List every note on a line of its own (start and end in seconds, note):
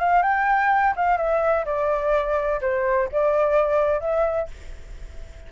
0.00 0.23 F5
0.23 0.94 G5
0.96 1.18 F5
1.18 1.65 E5
1.65 2.61 D5
2.61 3.09 C5
3.13 4.01 D5
4.01 4.48 E5